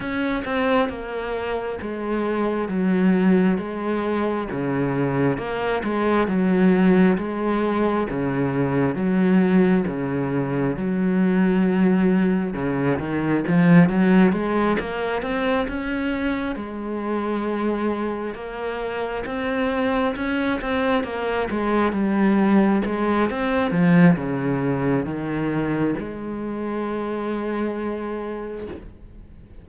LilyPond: \new Staff \with { instrumentName = "cello" } { \time 4/4 \tempo 4 = 67 cis'8 c'8 ais4 gis4 fis4 | gis4 cis4 ais8 gis8 fis4 | gis4 cis4 fis4 cis4 | fis2 cis8 dis8 f8 fis8 |
gis8 ais8 c'8 cis'4 gis4.~ | gis8 ais4 c'4 cis'8 c'8 ais8 | gis8 g4 gis8 c'8 f8 cis4 | dis4 gis2. | }